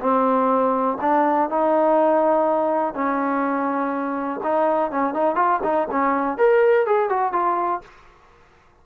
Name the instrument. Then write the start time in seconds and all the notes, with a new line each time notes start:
trombone
0.00 C4
1.01 D4
1.50 D#4
2.94 C#4
4.43 D#4
4.91 C#4
5.14 D#4
5.35 F4
5.63 D#4
5.91 C#4
6.38 A#4
6.86 G#4
7.09 F#4
7.32 F4